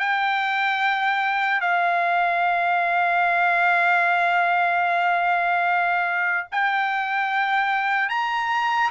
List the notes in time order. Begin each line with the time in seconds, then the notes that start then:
0.00 G5
1.61 F5
6.52 G5
8.09 A#5